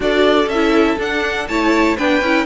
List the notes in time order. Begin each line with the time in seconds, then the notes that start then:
0.00 D4 F#4 A4 D5
0.46 C#4 E5
0.54 E4
0.98 D4 F#5
1.47 A3 E4 C#5 A5
1.97 B3 D4 B4 G5
2.21 C#4 E4